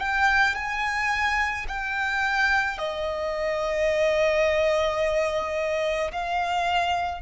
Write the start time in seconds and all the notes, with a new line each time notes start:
0.00 G5
0.56 G#5
1.69 G5
2.78 D#5
6.12 F5